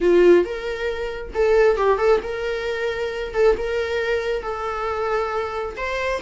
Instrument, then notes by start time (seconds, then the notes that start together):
viola
0.00 F4
0.44 A#4
1.34 A4
1.77 G4
1.98 A4
2.22 A#4
3.33 A4
3.57 A#4
4.42 A4
5.77 C5